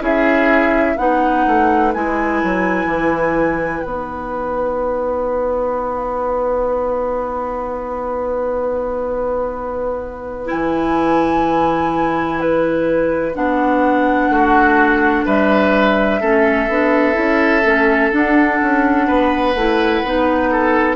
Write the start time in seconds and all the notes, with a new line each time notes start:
0.00 C#4 E4 G#4 E5
0.96 B3 D#4 B4 F#5
1.47 A3
1.93 G#3 E4 G#5
2.43 F#3
2.85 E3
3.82 B3 D#4 F#5
10.45 E4 G#5
10.52 E3
12.40 B4
13.34 B3 D4 F#5
14.29 A3 F#4
15.25 G3 B4 E5
16.20 A3 C#4 A4
16.68 B3 D4
17.13 C#4 E4
17.64 A3 C#4
18.11 D4 F#5
18.62 C#4
19.07 B3 B4
19.55 A3 E4
20.04 B3 D#4
20.51 A4